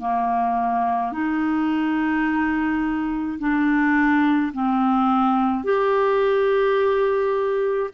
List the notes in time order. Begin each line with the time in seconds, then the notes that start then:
0.00 A#3
1.13 D#4
3.40 D4
4.53 C4
5.64 G4